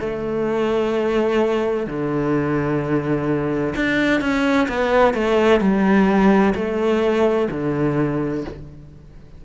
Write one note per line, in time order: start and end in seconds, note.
0.00 1.87 A3
1.87 3.75 D3
3.75 4.21 D4
4.21 4.67 C#4
4.68 5.14 B3
5.14 5.60 A3
5.60 6.54 G3
6.55 7.49 A3
7.51 8.45 D3